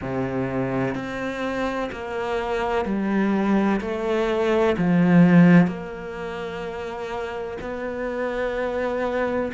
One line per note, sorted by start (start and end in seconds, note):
0.01 0.94 C3
0.94 1.90 C4
1.91 2.85 A#3
2.85 3.80 G3
3.81 4.76 A3
4.77 5.67 F3
5.67 7.57 A#3
7.61 9.52 B3